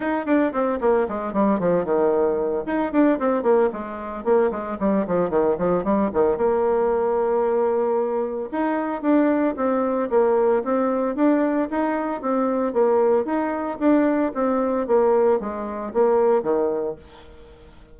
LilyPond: \new Staff \with { instrumentName = "bassoon" } { \time 4/4 \tempo 4 = 113 dis'8 d'8 c'8 ais8 gis8 g8 f8 dis8~ | dis4 dis'8 d'8 c'8 ais8 gis4 | ais8 gis8 g8 f8 dis8 f8 g8 dis8 | ais1 |
dis'4 d'4 c'4 ais4 | c'4 d'4 dis'4 c'4 | ais4 dis'4 d'4 c'4 | ais4 gis4 ais4 dis4 | }